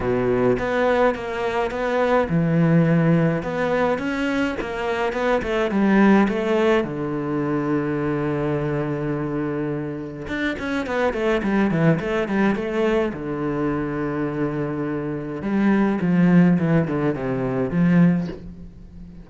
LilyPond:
\new Staff \with { instrumentName = "cello" } { \time 4/4 \tempo 4 = 105 b,4 b4 ais4 b4 | e2 b4 cis'4 | ais4 b8 a8 g4 a4 | d1~ |
d2 d'8 cis'8 b8 a8 | g8 e8 a8 g8 a4 d4~ | d2. g4 | f4 e8 d8 c4 f4 | }